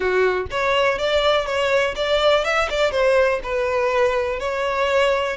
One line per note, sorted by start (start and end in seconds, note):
0.00 0.47 F#4
0.50 0.98 C#5
0.98 1.46 D5
1.46 1.94 C#5
1.95 2.44 D5
2.44 2.69 E5
2.69 2.91 D5
2.91 3.39 C5
3.43 4.39 B4
4.39 5.36 C#5